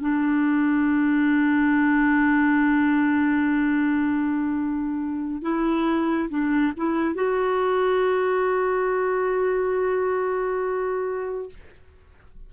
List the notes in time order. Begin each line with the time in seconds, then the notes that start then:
0.00 D4
5.42 E4
6.29 D4
6.76 E4
7.15 F#4